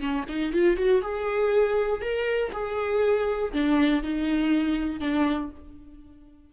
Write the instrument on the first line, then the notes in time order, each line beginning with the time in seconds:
viola
0.00 C#4
0.29 D#4
0.53 F4
0.77 F#4
1.02 G#4
2.02 A#4
2.53 G#4
3.53 D4
4.03 D#4
5.00 D4